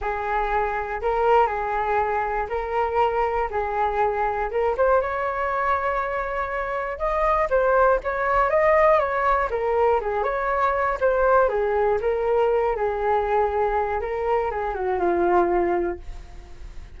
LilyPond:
\new Staff \with { instrumentName = "flute" } { \time 4/4 \tempo 4 = 120 gis'2 ais'4 gis'4~ | gis'4 ais'2 gis'4~ | gis'4 ais'8 c''8 cis''2~ | cis''2 dis''4 c''4 |
cis''4 dis''4 cis''4 ais'4 | gis'8 cis''4. c''4 gis'4 | ais'4. gis'2~ gis'8 | ais'4 gis'8 fis'8 f'2 | }